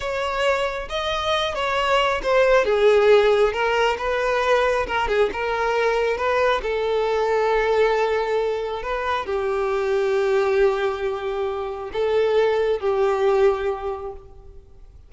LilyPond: \new Staff \with { instrumentName = "violin" } { \time 4/4 \tempo 4 = 136 cis''2 dis''4. cis''8~ | cis''4 c''4 gis'2 | ais'4 b'2 ais'8 gis'8 | ais'2 b'4 a'4~ |
a'1 | b'4 g'2.~ | g'2. a'4~ | a'4 g'2. | }